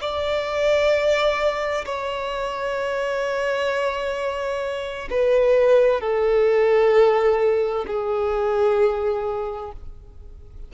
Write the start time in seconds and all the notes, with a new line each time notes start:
0.00 D5
1.85 C#5
5.10 B4
6.00 A4
7.87 G#4